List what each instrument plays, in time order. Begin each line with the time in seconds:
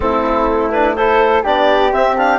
0.00 bassoon A3, trombone C4, flute E4, clarinet A4
0.71 trombone D4, clarinet B4
0.96 trombone E4, flute A4, clarinet C5
1.43 bassoon B3, trombone D4, flute G4, clarinet D5
1.91 trombone C4, bassoon C4, clarinet E5
2.17 trombone D4, clarinet F5